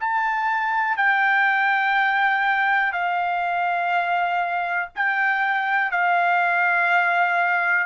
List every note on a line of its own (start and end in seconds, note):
0.00 0.97 A5
0.97 2.92 G5
2.92 4.89 F5
4.95 5.91 G5
5.91 7.86 F5